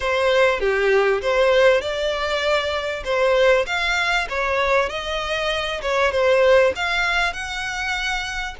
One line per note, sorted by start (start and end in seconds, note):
0.00 0.60 C5
0.60 1.21 G4
1.21 1.81 C5
1.81 3.03 D5
3.04 3.65 C5
3.66 4.27 F5
4.29 4.89 C#5
4.89 5.81 D#5
5.81 6.11 C#5
6.11 6.72 C5
6.75 7.33 F5
7.33 8.55 F#5